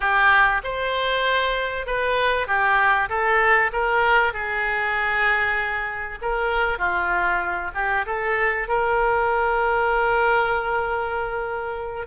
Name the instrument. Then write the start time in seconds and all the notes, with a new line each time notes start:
oboe
0.00 G4
0.63 C5
1.86 B4
2.47 G4
3.09 A4
3.72 A#4
4.33 G#4
6.21 A#4
6.78 F4
7.74 G4
8.06 A4
8.68 A#4